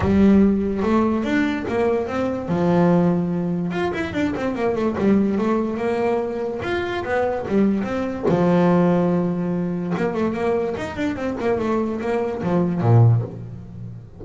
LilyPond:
\new Staff \with { instrumentName = "double bass" } { \time 4/4 \tempo 4 = 145 g2 a4 d'4 | ais4 c'4 f2~ | f4 f'8 e'8 d'8 c'8 ais8 a8 | g4 a4 ais2 |
f'4 b4 g4 c'4 | f1 | ais8 a8 ais4 dis'8 d'8 c'8 ais8 | a4 ais4 f4 ais,4 | }